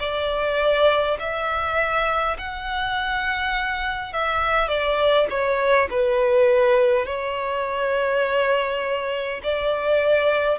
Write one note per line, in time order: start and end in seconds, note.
0.00 1.18 D5
1.20 2.37 E5
2.39 4.13 F#5
4.13 4.68 E5
4.68 5.27 D5
5.30 5.89 C#5
5.90 7.06 B4
7.06 9.41 C#5
9.44 10.59 D5